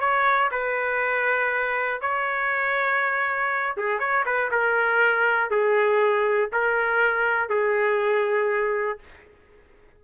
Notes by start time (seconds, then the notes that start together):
0.00 C#5
0.51 B4
2.01 C#5
3.77 G#4
3.99 C#5
4.25 B4
4.51 A#4
5.50 G#4
6.52 A#4
7.49 G#4